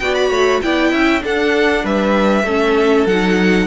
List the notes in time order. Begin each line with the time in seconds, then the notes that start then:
0.00 B3 F#4 D5 G5
0.15 B5
0.30 A3 C#5
0.62 B3 E4 D5 G5
0.92 C#4 E5
1.21 D4 A4 F#5
1.84 G3 B4 E5
2.43 A3 C#4 A4
3.06 F#3 D#4 F#5